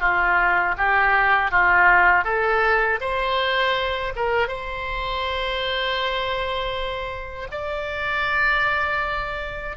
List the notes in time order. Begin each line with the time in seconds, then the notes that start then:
0.00 F4
0.77 G4
1.51 F4
2.24 A4
3.00 C5
4.16 A#4
4.48 C5
7.51 D5